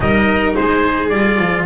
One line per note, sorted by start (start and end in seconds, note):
0.00 0.54 G3
0.00 1.11 D#4
0.00 0.55 A#4
0.00 0.54 D#5
0.55 1.11 G#3
0.55 1.66 G#4
0.55 1.09 C5
1.09 1.39 G3
1.09 1.66 F4
1.09 1.64 D5
1.39 1.66 F3